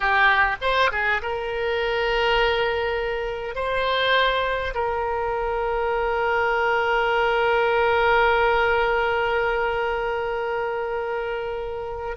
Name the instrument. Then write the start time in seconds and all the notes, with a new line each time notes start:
oboe
0.00 G4
0.61 C5
0.91 G#4
1.22 A#4
3.55 C5
4.74 A#4